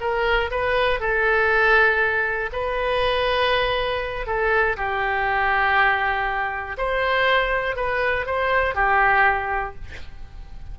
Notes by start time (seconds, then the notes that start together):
0.00 A#4
0.51 B4
1.00 A4
2.52 B4
4.26 A4
4.76 G4
6.77 C5
7.76 B4
8.26 C5
8.75 G4